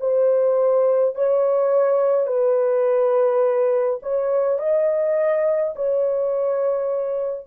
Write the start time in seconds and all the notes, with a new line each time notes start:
0.00 C5
1.15 C#5
2.27 B4
4.02 C#5
4.58 D#5
5.75 C#5